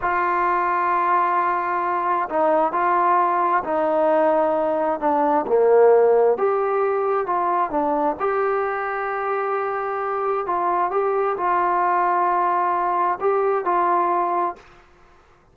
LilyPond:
\new Staff \with { instrumentName = "trombone" } { \time 4/4 \tempo 4 = 132 f'1~ | f'4 dis'4 f'2 | dis'2. d'4 | ais2 g'2 |
f'4 d'4 g'2~ | g'2. f'4 | g'4 f'2.~ | f'4 g'4 f'2 | }